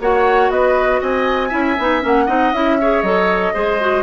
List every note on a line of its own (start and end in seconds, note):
0.00 0.50 A#3
0.00 1.50 F#4
0.00 0.52 C#5
0.00 0.50 F#5
0.50 1.00 B3
0.50 1.00 B4
0.50 1.01 D#5
1.00 1.52 C4
1.00 1.48 D#5
1.00 2.03 G#5
1.48 1.78 C#4
1.48 1.76 E4
1.48 2.24 E5
1.78 2.03 B3
1.78 2.01 D#4
2.01 2.28 A#3
2.01 2.26 C#4
2.01 2.53 F#5
2.26 2.52 C4
2.26 2.52 D#4
2.26 2.77 D#5
2.52 3.02 C#4
2.52 2.79 E4
2.52 3.02 E5
2.80 3.04 G#4
2.80 3.53 C#5
3.02 3.53 F#3
3.02 3.54 A4
3.02 4.02 D#5
3.53 4.02 G#3
3.53 3.79 G#4
3.53 4.02 C5
3.80 4.02 F#4